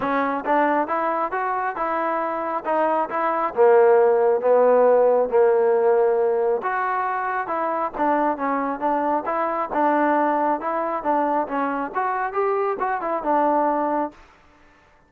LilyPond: \new Staff \with { instrumentName = "trombone" } { \time 4/4 \tempo 4 = 136 cis'4 d'4 e'4 fis'4 | e'2 dis'4 e'4 | ais2 b2 | ais2. fis'4~ |
fis'4 e'4 d'4 cis'4 | d'4 e'4 d'2 | e'4 d'4 cis'4 fis'4 | g'4 fis'8 e'8 d'2 | }